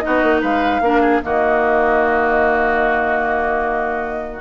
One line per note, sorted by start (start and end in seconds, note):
0.00 0.82 D#4
0.00 0.40 D#5
0.06 0.23 B3
0.06 0.42 F#4
0.23 0.43 A#3
0.42 0.81 G#3
0.42 0.82 B4
0.42 1.23 F5
0.81 1.21 A#3
0.81 1.23 D4
0.81 1.02 A#4
1.02 1.22 G#4
1.23 4.42 D#3
1.23 4.42 A#3
1.23 4.42 F#4
1.23 4.42 D#5